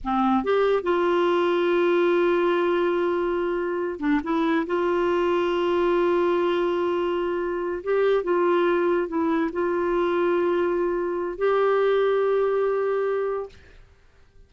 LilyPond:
\new Staff \with { instrumentName = "clarinet" } { \time 4/4 \tempo 4 = 142 c'4 g'4 f'2~ | f'1~ | f'4. d'8 e'4 f'4~ | f'1~ |
f'2~ f'8 g'4 f'8~ | f'4. e'4 f'4.~ | f'2. g'4~ | g'1 | }